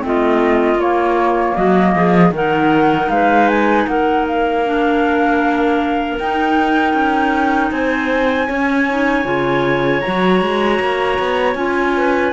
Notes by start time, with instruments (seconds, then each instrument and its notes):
0.00 cello A3, clarinet C4 F4, flute D#5
0.75 cello A#3, clarinet A#3, flute C#5
1.55 cello F#3, clarinet F#4, flute D#5
1.95 cello F3, clarinet G#4
2.31 cello D#3, clarinet D#4 A#4, flute F#5
3.09 cello G#3, clarinet B4, flute F5
3.48 flute G#5
3.87 cello A#3, clarinet A#4, flute F#5
4.27 flute F5
4.65 clarinet D4
6.17 cello D#4, clarinet D#4, flute G5
6.94 cello C#4
7.71 cello C4, clarinet C5, flute G#5
8.48 clarinet C#4 C#5, cello C#4
8.89 clarinet D#4
9.24 cello C#3, clarinet F4
10.00 clarinet F#4, flute A#5
10.07 cello F#3
10.41 cello G#3
10.80 cello A#3
11.19 cello B3
11.55 cello C#4, clarinet F4, flute G#5
11.96 clarinet B4